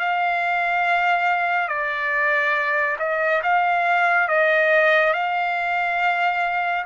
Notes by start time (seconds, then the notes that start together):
0.00 F5
1.69 D5
3.00 D#5
3.43 F5
4.29 D#5
5.14 F5